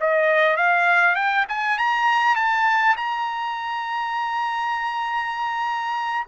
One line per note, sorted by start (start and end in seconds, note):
0.00 0.56 D#5
0.56 1.15 F5
1.15 1.45 G5
1.48 1.78 G#5
1.78 2.36 A#5
2.36 2.96 A5
2.97 6.27 A#5